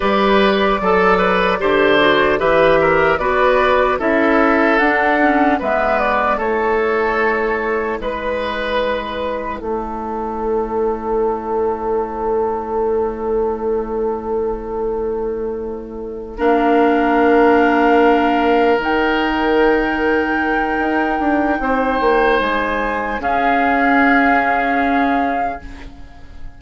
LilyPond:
<<
  \new Staff \with { instrumentName = "flute" } { \time 4/4 \tempo 4 = 75 d''2. e''4 | d''4 e''4 fis''4 e''8 d''8 | cis''2 b'2 | cis''1~ |
cis''1~ | cis''8 f''2. g''8~ | g''1 | gis''4 f''2. | }
  \new Staff \with { instrumentName = "oboe" } { \time 4/4 b'4 a'8 b'8 c''4 b'8 ais'8 | b'4 a'2 b'4 | a'2 b'2 | a'1~ |
a'1~ | a'8 ais'2.~ ais'8~ | ais'2. c''4~ | c''4 gis'2. | }
  \new Staff \with { instrumentName = "clarinet" } { \time 4/4 g'4 a'4 g'8 fis'8 g'4 | fis'4 e'4 d'8 cis'8 b4 | e'1~ | e'1~ |
e'1~ | e'8 d'2. dis'8~ | dis'1~ | dis'4 cis'2. | }
  \new Staff \with { instrumentName = "bassoon" } { \time 4/4 g4 fis4 d4 e4 | b4 cis'4 d'4 gis4 | a2 gis2 | a1~ |
a1~ | a8 ais2. dis8~ | dis2 dis'8 d'8 c'8 ais8 | gis4 cis'2. | }
>>